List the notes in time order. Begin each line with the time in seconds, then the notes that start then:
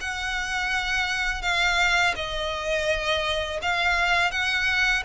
0.00 F#5
1.42 F5
2.15 D#5
3.61 F5
4.31 F#5